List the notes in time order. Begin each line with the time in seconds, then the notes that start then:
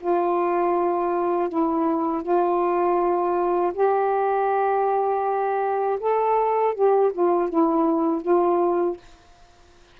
0.00 F4
1.49 E4
2.22 F4
3.74 G4
5.99 A4
6.74 G4
7.12 F4
7.49 E4
8.22 F4